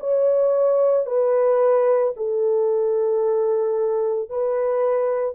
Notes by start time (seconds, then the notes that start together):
0.00 C#5
1.06 B4
2.17 A4
4.30 B4